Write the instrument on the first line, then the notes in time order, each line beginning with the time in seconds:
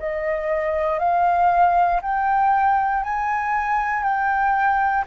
flute
0.00 D#5
0.99 F5
2.02 G5
3.04 G#5
4.03 G5